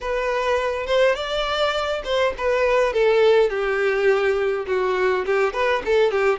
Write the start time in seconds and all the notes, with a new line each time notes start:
0.00 B4
0.86 C5
1.15 D5
2.04 C5
2.37 B4
2.93 A4
3.49 G4
4.66 F#4
5.26 G4
5.53 B4
5.85 A4
6.11 G4